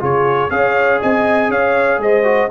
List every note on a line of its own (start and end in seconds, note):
0.00 0.51 C#3
0.00 0.50 F4
0.00 0.51 G#4
0.00 0.51 C#5
0.51 1.01 C#4
0.51 2.24 G#4
0.51 1.00 C#5
0.51 1.00 F5
1.00 1.49 C4
1.00 1.50 D#5
1.00 1.51 G#5
1.49 1.99 C#4
1.49 2.01 C#5
1.49 2.01 F5
1.99 2.48 G#3
1.99 2.51 C5
1.99 2.51 D#5
2.24 2.48 F#4